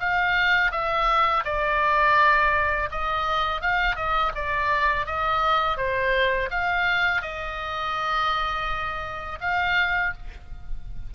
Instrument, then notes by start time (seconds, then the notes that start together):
oboe
0.00 F5
0.72 E5
1.45 D5
2.91 D#5
3.62 F5
3.96 D#5
4.35 D5
5.07 D#5
5.77 C5
6.51 F5
7.22 D#5
9.41 F5